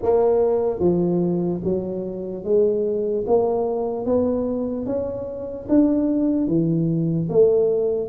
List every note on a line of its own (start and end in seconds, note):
0.02 0.79 A#3
0.79 1.60 F3
1.63 2.43 F#3
2.43 3.24 G#3
3.27 4.05 A#3
4.05 4.86 B3
4.86 5.67 C#4
5.68 6.47 D4
6.47 7.28 E3
7.29 8.09 A3